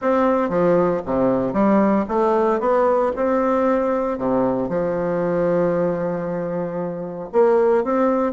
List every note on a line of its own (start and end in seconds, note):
0.01 0.49 C4
0.49 1.01 F3
1.05 1.53 C3
1.53 2.05 G3
2.08 2.59 A3
2.59 3.12 B3
3.15 4.18 C4
4.18 4.68 C3
4.68 7.29 F3
7.32 7.84 A#3
7.84 8.32 C4